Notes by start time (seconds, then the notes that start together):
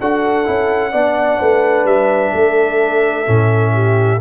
0.00 D4 F#4 A4 F#5
0.45 C#4 E4
0.92 B3 D4 D5
1.39 A3 B4
1.85 G3 E5
2.34 A3 A4
3.26 A2 C#4
3.74 G4